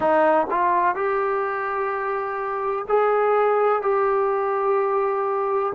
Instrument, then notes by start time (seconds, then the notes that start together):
trombone
0.00 D#4
0.50 F4
0.95 G4
2.88 G#4
3.82 G4